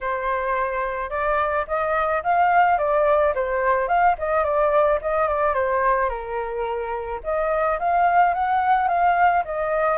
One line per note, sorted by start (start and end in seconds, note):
0.00 1.10 C5
1.10 1.65 D5
1.67 2.22 D#5
2.23 2.78 F5
2.78 3.33 D5
3.35 3.88 C5
3.88 4.15 F5
4.18 4.43 D#5
4.43 4.99 D5
5.01 5.28 D#5
5.28 5.54 D5
5.54 6.09 C5
6.09 7.20 A#4
7.23 7.79 D#5
7.79 8.34 F5
8.34 8.87 F#5
8.87 9.43 F5
9.44 9.97 D#5